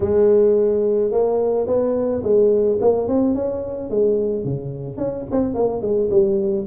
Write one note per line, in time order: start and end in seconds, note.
0.00 1.11 G#3
1.11 1.66 A#3
1.66 2.22 B3
2.23 2.78 G#3
2.81 3.08 A#3
3.08 3.35 C4
3.35 3.89 C#4
3.89 4.44 G#3
4.44 4.97 C#3
4.97 5.24 C#4
5.31 5.54 C4
5.54 5.81 A#3
5.81 6.09 G#3
6.10 6.65 G3